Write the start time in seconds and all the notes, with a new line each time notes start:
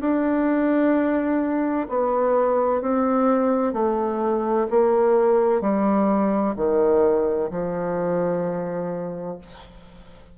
0.00 D4
1.89 B3
2.81 C4
3.73 A3
4.70 A#3
5.61 G3
6.56 D#3
7.50 F3